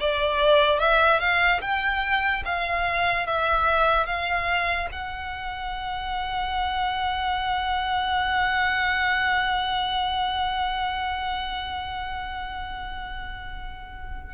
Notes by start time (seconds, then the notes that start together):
0.00 D5
0.79 E5
1.20 F5
1.61 G5
2.45 F5
3.27 E5
4.06 F5
4.92 F#5